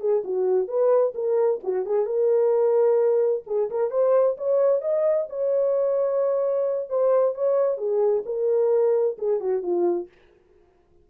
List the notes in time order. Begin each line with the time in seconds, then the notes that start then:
0.00 G#4
0.24 F#4
0.68 B4
1.15 A#4
1.63 F#4
1.85 G#4
2.05 A#4
3.47 G#4
3.70 A#4
3.91 C5
4.37 C#5
4.81 D#5
5.29 C#5
6.89 C5
7.34 C#5
7.77 G#4
8.25 A#4
9.18 G#4
9.40 F#4
9.62 F4